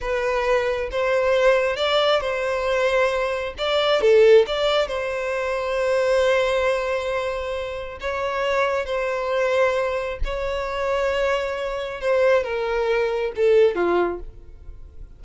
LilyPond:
\new Staff \with { instrumentName = "violin" } { \time 4/4 \tempo 4 = 135 b'2 c''2 | d''4 c''2. | d''4 a'4 d''4 c''4~ | c''1~ |
c''2 cis''2 | c''2. cis''4~ | cis''2. c''4 | ais'2 a'4 f'4 | }